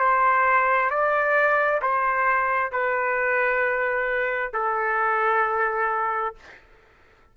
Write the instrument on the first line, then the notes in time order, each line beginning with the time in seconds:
trumpet
0.00 C5
0.90 D5
1.82 C5
2.72 B4
4.53 A4